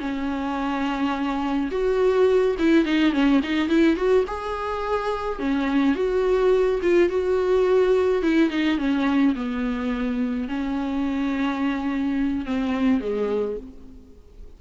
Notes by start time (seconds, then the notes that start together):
0.00 C#4
1.71 F#4
2.59 E4
2.86 D#4
3.13 C#4
3.44 D#4
3.69 E4
3.96 F#4
4.27 G#4
5.39 C#4
5.96 F#4
6.83 F4
7.09 F#4
8.23 E4
8.50 D#4
8.78 C#4
9.36 B3
10.49 C#4
12.46 C4
13.01 G#3